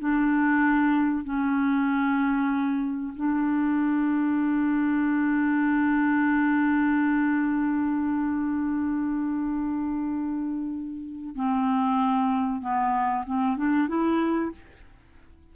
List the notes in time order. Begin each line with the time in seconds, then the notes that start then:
0.00 D4
1.25 C#4
3.16 D4
11.36 C4
12.62 B3
13.27 C4
13.58 D4
13.89 E4